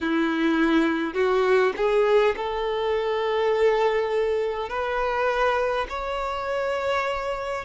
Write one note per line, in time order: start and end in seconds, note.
0.00 1.14 E4
1.14 1.73 F#4
1.76 2.35 G#4
2.36 4.68 A4
4.68 5.86 B4
5.89 7.64 C#5